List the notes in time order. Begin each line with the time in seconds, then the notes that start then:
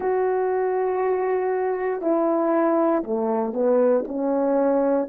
0.00 F#4
2.01 E4
3.03 A3
3.53 B3
4.07 C#4